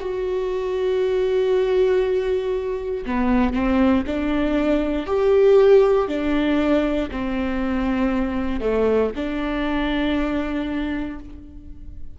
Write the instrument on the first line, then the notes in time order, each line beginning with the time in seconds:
viola
0.00 F#4
3.06 B3
3.54 C4
4.07 D4
5.07 G4
6.08 D4
7.11 C4
8.60 A3
9.16 D4